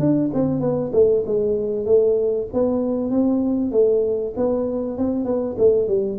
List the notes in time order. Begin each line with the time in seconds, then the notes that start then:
0.00 D4
0.34 C4
0.61 B3
0.93 A3
1.27 G#3
1.86 A3
2.54 B3
3.11 C4
3.72 A3
4.37 B3
4.98 C4
5.25 B3
5.58 A3
5.88 G3